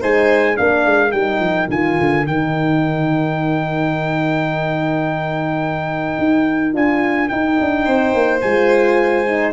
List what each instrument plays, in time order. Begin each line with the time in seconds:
0.00 tuba G#3, horn D#4, violin C5, trumpet G#5
0.55 tuba A#3, horn D4, violin A#4, trumpet F5
0.86 tuba G#3
1.12 tuba G3, horn D#4, trumpet G5
1.40 tuba F3
1.69 tuba D#3, horn F4, trumpet G#5
2.00 tuba D3
2.27 tuba D#3, horn D#4, trumpet G5
6.19 tuba D#4
6.73 tuba D4, horn F4, trumpet G#5
7.29 horn D#4, tuba D#4, trumpet G5
7.61 tuba D4
7.85 tuba C4, violin C5
8.14 tuba A#3
8.41 tuba G#3, horn F4, trumpet G#5
9.27 horn D#4